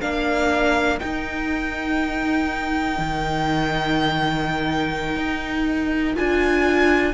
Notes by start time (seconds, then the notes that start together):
0.00 A#3 D4 A#4 F5
1.00 D#4 G5
2.98 D#3
5.16 D#4
6.15 D4 F4 G#5